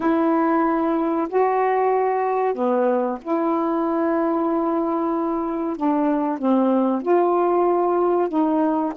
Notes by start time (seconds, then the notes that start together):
0.00 E4
1.28 F#4
2.54 B3
3.21 E4
5.76 D4
6.38 C4
7.02 F4
8.28 D#4